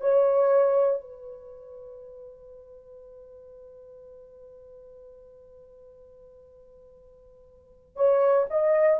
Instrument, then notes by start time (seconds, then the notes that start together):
horn
0.00 C#5
1.00 B4
7.96 C#5
8.50 D#5